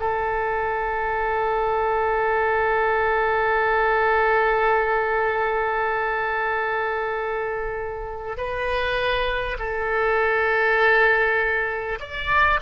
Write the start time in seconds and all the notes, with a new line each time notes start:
0.00 A4
8.37 B4
9.59 A4
12.01 D5